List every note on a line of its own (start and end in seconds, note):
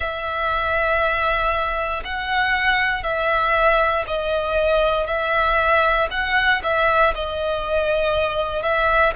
0.00 2.03 E5
2.04 3.03 F#5
3.03 4.04 E5
4.07 5.06 D#5
5.06 6.08 E5
6.10 6.61 F#5
6.63 7.14 E5
7.14 8.62 D#5
8.62 9.13 E5